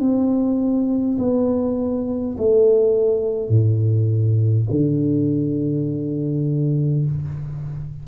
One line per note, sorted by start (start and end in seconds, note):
0.00 1.18 C4
1.18 2.36 B3
2.38 3.49 A3
3.49 4.66 A2
4.70 7.05 D3